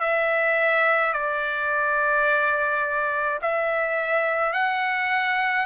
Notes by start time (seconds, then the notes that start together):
0.00 E5
1.13 D5
3.42 E5
4.53 F#5